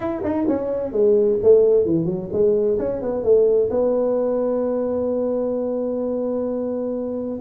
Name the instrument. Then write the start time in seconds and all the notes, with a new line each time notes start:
tuba
0.00 E4
0.23 D#4
0.47 C#4
0.92 G#3
1.42 A3
1.85 E3
2.05 F#3
2.32 G#3
2.78 C#4
3.01 B3
3.23 A3
3.70 B3